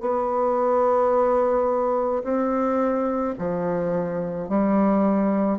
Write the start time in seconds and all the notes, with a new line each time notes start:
0.00 B3
2.23 C4
3.38 F3
4.48 G3